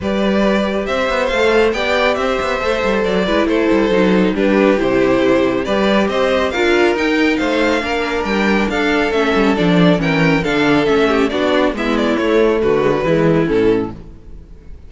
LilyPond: <<
  \new Staff \with { instrumentName = "violin" } { \time 4/4 \tempo 4 = 138 d''2 e''4 f''4 | g''4 e''2 d''4 | c''2 b'4 c''4~ | c''4 d''4 dis''4 f''4 |
g''4 f''2 g''4 | f''4 e''4 d''4 g''4 | f''4 e''4 d''4 e''8 d''8 | cis''4 b'2 a'4 | }
  \new Staff \with { instrumentName = "violin" } { \time 4/4 b'2 c''2 | d''4 c''2~ c''8 b'8 | a'2 g'2~ | g'4 b'4 c''4 ais'4~ |
ais'4 c''4 ais'2 | a'2. ais'4 | a'4. g'8 fis'4 e'4~ | e'4 fis'4 e'2 | }
  \new Staff \with { instrumentName = "viola" } { \time 4/4 g'2. a'4 | g'2 a'4. e'8~ | e'4 dis'4 d'4 e'4~ | e'4 g'2 f'4 |
dis'2 d'2~ | d'4 cis'4 d'4 cis'4 | d'4 cis'4 d'4 b4 | a4. gis16 fis16 gis4 cis'4 | }
  \new Staff \with { instrumentName = "cello" } { \time 4/4 g2 c'8 b8 a4 | b4 c'8 b8 a8 g8 fis8 gis8 | a8 g8 fis4 g4 c4~ | c4 g4 c'4 d'4 |
dis'4 a4 ais4 g4 | d'4 a8 g8 f4 e4 | d4 a4 b4 gis4 | a4 d4 e4 a,4 | }
>>